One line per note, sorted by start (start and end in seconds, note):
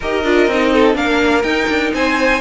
0.00 0.24 D#4
0.00 0.25 G4
0.00 0.72 A#4
0.00 0.96 D#5
0.24 0.47 D4
0.24 0.49 F4
0.47 0.95 C4
0.47 0.93 D#4
0.72 0.96 A4
0.93 1.43 A#3
0.93 1.42 D4
0.93 1.94 A#4
0.93 1.42 F5
1.42 2.39 D#4
1.42 1.67 D#4
1.42 1.91 G5
1.68 1.92 D4
1.93 2.41 C4
1.93 2.41 C5
1.93 2.41 G#5